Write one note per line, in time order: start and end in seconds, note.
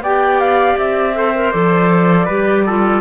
0.00 0.75 B3
0.00 1.14 G4
0.00 1.15 D5
0.00 0.39 G5
0.39 0.77 F5
0.77 1.52 C4
0.77 1.51 E5
1.14 1.33 A4
1.14 2.25 C5
1.35 1.53 A#4
1.51 2.28 F3
1.51 2.28 A4
1.51 3.01 D5
2.25 3.01 G3
2.25 2.67 G4
2.25 2.62 B4
2.65 3.01 F4
2.65 3.01 A4